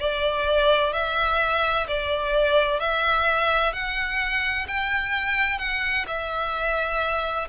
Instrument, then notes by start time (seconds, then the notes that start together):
violin
0.00 D5
0.93 E5
1.88 D5
2.80 E5
3.73 F#5
4.68 G5
5.59 F#5
6.08 E5